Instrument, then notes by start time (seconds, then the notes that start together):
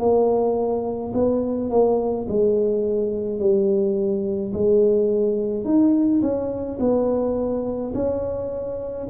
tuba
0.00 A#3
1.14 B3
1.71 A#3
2.29 G#3
3.40 G3
4.54 G#3
5.65 D#4
6.23 C#4
6.80 B3
7.95 C#4